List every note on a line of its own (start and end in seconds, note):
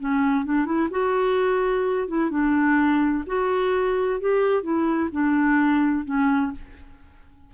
0.00 0.46 C#4
0.46 0.66 D4
0.66 0.89 E4
0.91 2.08 F#4
2.08 2.31 E4
2.31 3.25 D4
3.27 4.21 F#4
4.21 4.63 G4
4.63 5.10 E4
5.12 6.06 D4
6.06 6.52 C#4